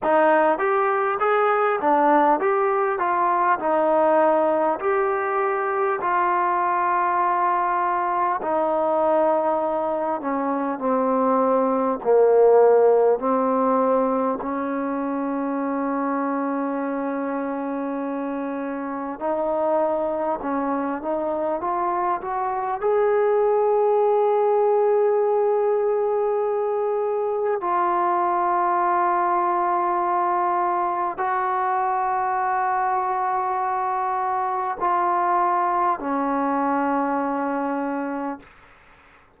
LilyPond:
\new Staff \with { instrumentName = "trombone" } { \time 4/4 \tempo 4 = 50 dis'8 g'8 gis'8 d'8 g'8 f'8 dis'4 | g'4 f'2 dis'4~ | dis'8 cis'8 c'4 ais4 c'4 | cis'1 |
dis'4 cis'8 dis'8 f'8 fis'8 gis'4~ | gis'2. f'4~ | f'2 fis'2~ | fis'4 f'4 cis'2 | }